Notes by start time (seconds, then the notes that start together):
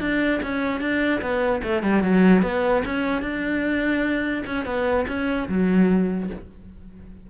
0.00 D4
0.43 C#4
0.80 D4
1.21 B3
1.63 A3
1.83 G3
2.03 F#3
2.43 B3
2.85 C#4
3.22 D4
4.46 C#4
4.65 B3
5.08 C#4
5.49 F#3